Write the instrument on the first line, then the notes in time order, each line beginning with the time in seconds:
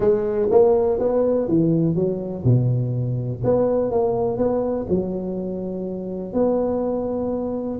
tuba
0.00 G#3
0.50 A#3
0.99 B3
1.48 E3
1.95 F#3
2.44 B2
3.44 B3
3.91 A#3
4.37 B3
4.89 F#3
6.33 B3